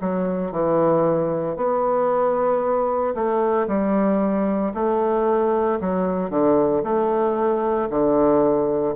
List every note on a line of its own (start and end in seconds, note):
0.00 0.52 F#3
0.52 1.56 E3
1.56 3.14 B3
3.14 3.67 A3
3.67 4.73 G3
4.74 5.79 A3
5.80 6.30 F#3
6.30 6.82 D3
6.83 7.89 A3
7.89 8.95 D3